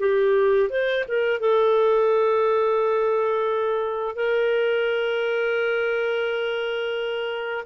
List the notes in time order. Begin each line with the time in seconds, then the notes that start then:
0.00 G4
0.70 C5
1.08 A#4
1.40 A4
4.16 A#4